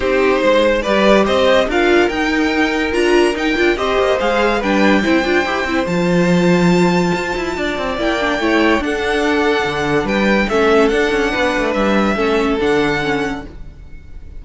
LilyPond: <<
  \new Staff \with { instrumentName = "violin" } { \time 4/4 \tempo 4 = 143 c''2 d''4 dis''4 | f''4 g''2 ais''4 | g''4 dis''4 f''4 g''4~ | g''2 a''2~ |
a''2. g''4~ | g''4 fis''2. | g''4 e''4 fis''2 | e''2 fis''2 | }
  \new Staff \with { instrumentName = "violin" } { \time 4/4 g'4 c''4 b'4 c''4 | ais'1~ | ais'4 c''2 b'4 | c''1~ |
c''2 d''2 | cis''4 a'2. | b'4 a'2 b'4~ | b'4 a'2. | }
  \new Staff \with { instrumentName = "viola" } { \time 4/4 dis'2 g'2 | f'4 dis'2 f'4 | dis'8 f'8 g'4 gis'4 d'4 | e'8 f'8 g'8 e'8 f'2~ |
f'2. e'8 d'8 | e'4 d'2.~ | d'4 cis'4 d'2~ | d'4 cis'4 d'4 cis'4 | }
  \new Staff \with { instrumentName = "cello" } { \time 4/4 c'4 gis4 g4 c'4 | d'4 dis'2 d'4 | dis'8 d'8 c'8 ais8 gis4 g4 | c'8 d'8 e'8 c'8 f2~ |
f4 f'8 e'8 d'8 c'8 ais4 | a4 d'2 d4 | g4 a4 d'8 cis'8 b8 a8 | g4 a4 d2 | }
>>